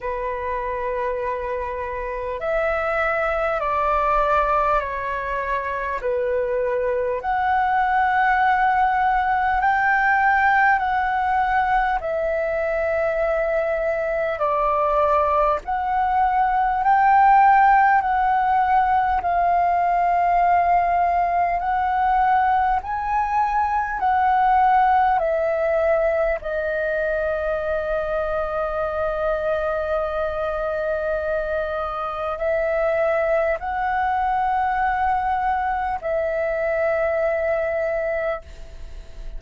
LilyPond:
\new Staff \with { instrumentName = "flute" } { \time 4/4 \tempo 4 = 50 b'2 e''4 d''4 | cis''4 b'4 fis''2 | g''4 fis''4 e''2 | d''4 fis''4 g''4 fis''4 |
f''2 fis''4 gis''4 | fis''4 e''4 dis''2~ | dis''2. e''4 | fis''2 e''2 | }